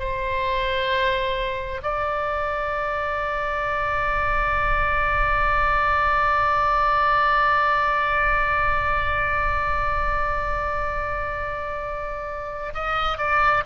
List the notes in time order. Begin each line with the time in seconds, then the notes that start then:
0.00 C5
1.83 D5
12.75 D#5
13.18 D5